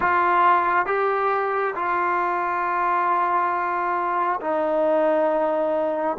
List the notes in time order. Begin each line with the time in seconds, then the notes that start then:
0.00 F4
0.86 G4
1.75 F4
4.40 D#4